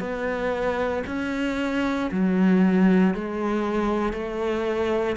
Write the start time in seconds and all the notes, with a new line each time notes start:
0.00 B3
1.07 C#4
2.12 F#3
3.15 G#3
4.13 A3